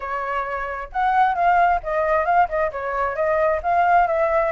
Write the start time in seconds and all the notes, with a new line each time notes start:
0.00 C#5
0.92 F#5
1.34 F5
1.83 D#5
2.25 F5
2.48 D#5
2.71 C#5
3.15 D#5
3.62 F5
4.07 E5